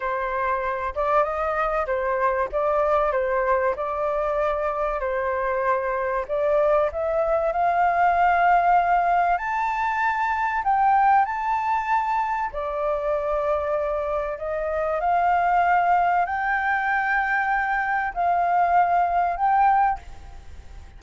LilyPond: \new Staff \with { instrumentName = "flute" } { \time 4/4 \tempo 4 = 96 c''4. d''8 dis''4 c''4 | d''4 c''4 d''2 | c''2 d''4 e''4 | f''2. a''4~ |
a''4 g''4 a''2 | d''2. dis''4 | f''2 g''2~ | g''4 f''2 g''4 | }